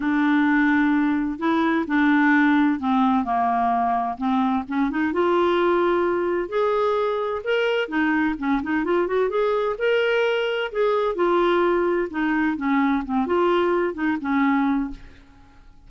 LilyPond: \new Staff \with { instrumentName = "clarinet" } { \time 4/4 \tempo 4 = 129 d'2. e'4 | d'2 c'4 ais4~ | ais4 c'4 cis'8 dis'8 f'4~ | f'2 gis'2 |
ais'4 dis'4 cis'8 dis'8 f'8 fis'8 | gis'4 ais'2 gis'4 | f'2 dis'4 cis'4 | c'8 f'4. dis'8 cis'4. | }